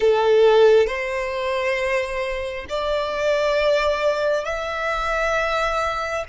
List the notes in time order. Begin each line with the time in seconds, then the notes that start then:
0.00 A4
0.87 C5
2.69 D5
4.45 E5